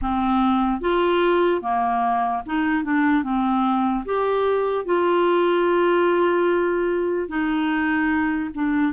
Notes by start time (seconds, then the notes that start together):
0.01 C4
0.80 F4
1.61 A#3
2.45 D#4
2.83 D4
3.23 C4
4.05 G4
4.85 F4
7.28 D#4
8.54 D4